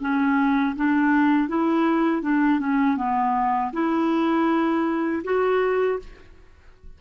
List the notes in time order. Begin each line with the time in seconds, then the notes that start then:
0.00 C#4
0.76 D4
1.48 E4
2.22 D4
2.59 C#4
2.97 B3
3.72 E4
5.24 F#4